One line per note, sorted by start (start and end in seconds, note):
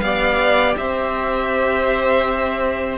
0.00 0.76 B3
0.00 2.98 G4
0.00 0.78 D5
0.00 0.74 F5
0.77 2.98 C4
0.77 2.98 C5
0.77 2.98 E5